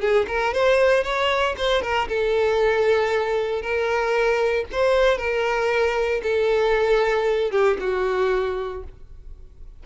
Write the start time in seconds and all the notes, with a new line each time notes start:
0.00 G#4
0.27 A#4
0.53 C5
1.03 C#5
1.57 C5
1.82 A#4
2.08 A4
3.61 A#4
4.71 C5
5.17 A#4
6.22 A4
7.51 G4
7.80 F#4